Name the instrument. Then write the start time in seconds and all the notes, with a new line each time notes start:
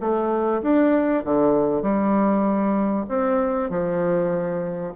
bassoon
0.00 A3
0.62 D4
1.25 D3
1.82 G3
3.09 C4
3.70 F3